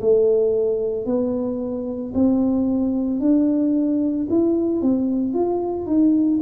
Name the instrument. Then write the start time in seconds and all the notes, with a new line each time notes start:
tuba
0.00 A3
1.05 B3
2.14 C4
3.19 D4
4.29 E4
4.81 C4
5.33 F4
5.86 D#4